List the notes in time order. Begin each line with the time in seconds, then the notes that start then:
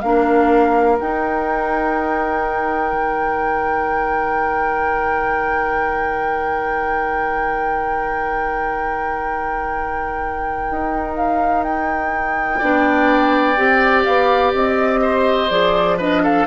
0.00 A#3 D4 A#4 F5
0.99 D#4 G5
2.92 D#3
10.70 D#4
11.15 F5
11.64 G5
12.58 B3 D4 D5
13.57 C4 G4
14.04 B3 F5
14.53 C4 D#5
15.02 C5
15.49 F3 G#4 D5
15.98 D4 B4 D#5
16.23 A4 F5